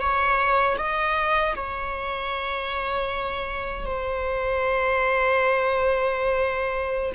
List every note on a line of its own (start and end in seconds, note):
0.00 0.77 C#5
0.78 1.55 D#5
1.56 3.85 C#5
3.85 7.12 C5